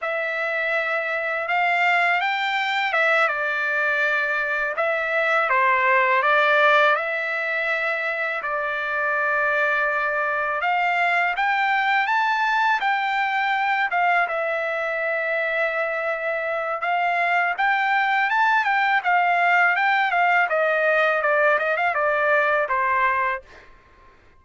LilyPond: \new Staff \with { instrumentName = "trumpet" } { \time 4/4 \tempo 4 = 82 e''2 f''4 g''4 | e''8 d''2 e''4 c''8~ | c''8 d''4 e''2 d''8~ | d''2~ d''8 f''4 g''8~ |
g''8 a''4 g''4. f''8 e''8~ | e''2. f''4 | g''4 a''8 g''8 f''4 g''8 f''8 | dis''4 d''8 dis''16 f''16 d''4 c''4 | }